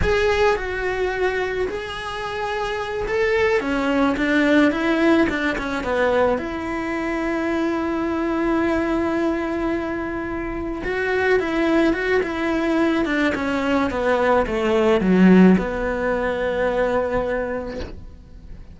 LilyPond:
\new Staff \with { instrumentName = "cello" } { \time 4/4 \tempo 4 = 108 gis'4 fis'2 gis'4~ | gis'4. a'4 cis'4 d'8~ | d'8 e'4 d'8 cis'8 b4 e'8~ | e'1~ |
e'2.~ e'8 fis'8~ | fis'8 e'4 fis'8 e'4. d'8 | cis'4 b4 a4 fis4 | b1 | }